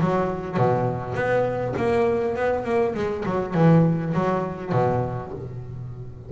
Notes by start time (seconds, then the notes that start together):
0.00 F#3
0.57 B2
1.14 B3
1.76 A#3
2.35 B3
2.64 A#3
2.94 G#3
3.25 F#3
3.54 E3
4.13 F#3
4.72 B2